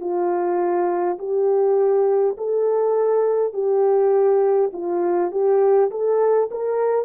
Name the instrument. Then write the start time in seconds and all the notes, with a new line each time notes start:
horn
0.00 F4
1.18 G4
2.37 A4
3.53 G4
4.73 F4
5.31 G4
5.90 A4
6.51 A#4